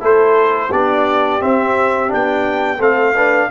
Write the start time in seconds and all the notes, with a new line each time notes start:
0.00 A3 E4 A4 C5
0.71 B3 D4 G4 D5
1.41 C4 E5
2.08 B3 D4 G5
2.79 A3 C4 A4 F5
3.15 D4 B4